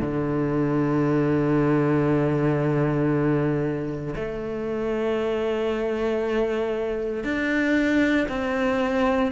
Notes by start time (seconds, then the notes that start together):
0.00 D3
4.15 A3
7.23 D4
8.28 C4